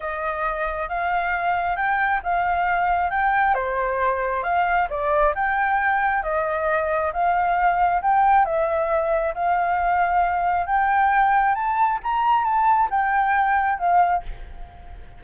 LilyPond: \new Staff \with { instrumentName = "flute" } { \time 4/4 \tempo 4 = 135 dis''2 f''2 | g''4 f''2 g''4 | c''2 f''4 d''4 | g''2 dis''2 |
f''2 g''4 e''4~ | e''4 f''2. | g''2 a''4 ais''4 | a''4 g''2 f''4 | }